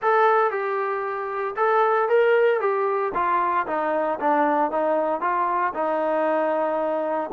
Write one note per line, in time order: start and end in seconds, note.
0.01 0.50 A4
0.50 1.55 G4
1.56 2.08 A4
2.08 2.60 A#4
2.60 3.12 G4
3.14 3.66 F4
3.66 4.19 D#4
4.20 4.71 D4
4.71 5.21 D#4
5.21 5.73 F4
5.73 7.30 D#4